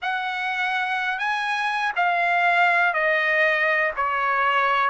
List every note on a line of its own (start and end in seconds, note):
0.01 1.18 F#5
1.18 1.92 G#5
1.95 2.93 F5
2.93 3.91 D#5
3.96 4.90 C#5